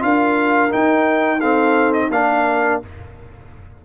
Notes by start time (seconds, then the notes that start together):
0.00 D4 F4 A#4 F5
0.70 D#4 G5
1.39 C4 A4 F5
1.94 D#5
2.10 A#3 D4 A#4 F5